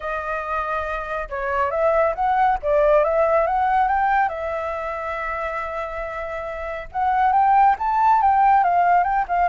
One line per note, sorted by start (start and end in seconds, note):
0.00 1.29 D#5
1.29 1.71 C#5
1.71 2.14 E5
2.14 2.58 F#5
2.62 3.04 D5
3.04 3.46 E5
3.46 3.88 F#5
3.88 4.29 G5
4.29 6.88 E5
6.92 7.32 F#5
7.32 7.75 G5
7.78 8.21 A5
8.21 8.63 G5
8.63 9.03 F5
9.03 9.25 G5
9.27 9.48 F5